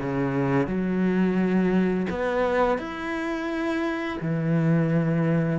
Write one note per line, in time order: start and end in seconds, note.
0.00 0.67 C#3
0.67 2.07 F#3
2.10 2.78 B3
2.78 4.18 E4
4.21 5.59 E3